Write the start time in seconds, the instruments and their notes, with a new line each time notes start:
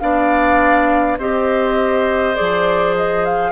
0.00 bassoon B3, clarinet D4, oboe D5, flute F5
1.18 bassoon C4, clarinet G4, oboe C5, flute D#5
2.35 bassoon F3, clarinet G#4, flute D5
2.97 flute D#5
3.25 flute F5